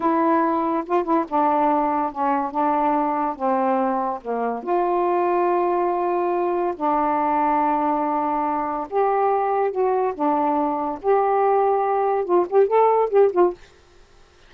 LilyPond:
\new Staff \with { instrumentName = "saxophone" } { \time 4/4 \tempo 4 = 142 e'2 f'8 e'8 d'4~ | d'4 cis'4 d'2 | c'2 ais4 f'4~ | f'1 |
d'1~ | d'4 g'2 fis'4 | d'2 g'2~ | g'4 f'8 g'8 a'4 g'8 f'8 | }